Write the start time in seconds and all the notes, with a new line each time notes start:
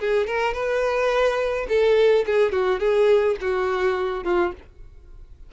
0.00 G#4
0.27 A#4
0.54 B4
1.69 A4
2.26 G#4
2.52 F#4
2.80 G#4
3.41 F#4
4.25 F4